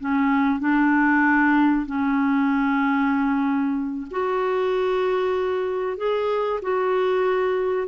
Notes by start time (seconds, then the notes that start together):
0.00 C#4
0.60 D4
1.86 C#4
4.11 F#4
5.97 G#4
6.62 F#4